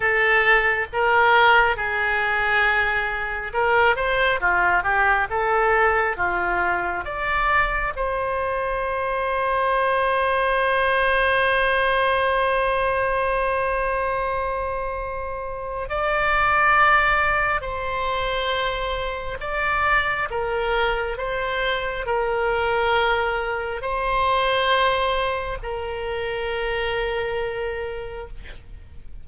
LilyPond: \new Staff \with { instrumentName = "oboe" } { \time 4/4 \tempo 4 = 68 a'4 ais'4 gis'2 | ais'8 c''8 f'8 g'8 a'4 f'4 | d''4 c''2.~ | c''1~ |
c''2 d''2 | c''2 d''4 ais'4 | c''4 ais'2 c''4~ | c''4 ais'2. | }